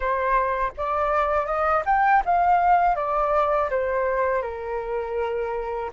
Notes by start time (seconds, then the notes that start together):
0.00 C5
0.77 D5
1.46 D#5
1.85 G5
2.25 F5
2.95 D5
3.70 C5
4.42 A#4